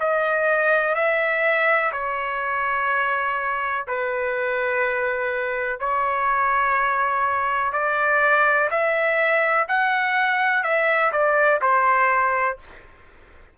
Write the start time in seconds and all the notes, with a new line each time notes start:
0.00 D#5
0.95 E5
1.92 C#5
3.88 B4
5.80 C#5
7.72 D5
8.71 E5
9.68 F#5
10.63 E5
11.12 D5
11.62 C5